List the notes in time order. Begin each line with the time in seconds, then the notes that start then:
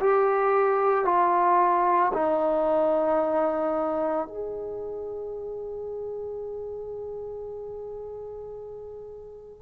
0.00 G4
1.05 F4
2.13 D#4
4.27 G#4